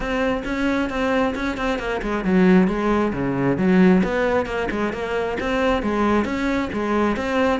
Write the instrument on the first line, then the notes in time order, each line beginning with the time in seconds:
cello
0.00 C4
0.44 C#4
0.89 C4
1.35 C#4
1.57 C4
1.78 A#3
2.01 G#3
2.24 F#3
2.67 G#3
3.12 C#3
3.57 F#3
4.03 B3
4.46 A#3
4.70 G#3
4.92 A#3
5.40 C4
5.82 G#3
6.25 C#4
6.72 G#3
7.16 C4